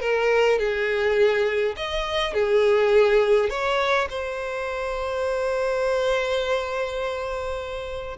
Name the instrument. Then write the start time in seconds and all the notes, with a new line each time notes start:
violin
0.00 A#4
0.58 G#4
1.76 D#5
2.33 G#4
3.49 C#5
4.09 C5